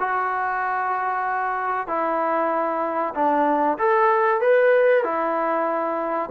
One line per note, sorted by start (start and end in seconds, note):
0.00 1.88 F#4
1.88 3.14 E4
3.15 3.78 D4
3.79 4.42 A4
4.42 5.04 B4
5.04 6.30 E4